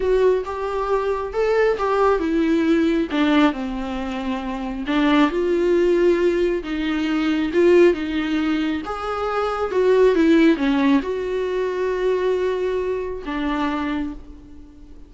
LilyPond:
\new Staff \with { instrumentName = "viola" } { \time 4/4 \tempo 4 = 136 fis'4 g'2 a'4 | g'4 e'2 d'4 | c'2. d'4 | f'2. dis'4~ |
dis'4 f'4 dis'2 | gis'2 fis'4 e'4 | cis'4 fis'2.~ | fis'2 d'2 | }